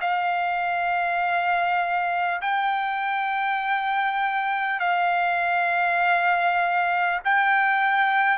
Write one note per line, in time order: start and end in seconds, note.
0.00 2.40 F5
2.41 4.79 G5
4.79 7.19 F5
7.24 8.37 G5